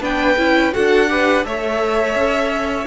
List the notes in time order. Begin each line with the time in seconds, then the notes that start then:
0.00 B3 D4 B4 G5
0.37 C#4 E4
0.72 D4 F#4 A4 F#5
1.08 G4 B4
1.43 A3 A4 C#5 E5
2.15 C#4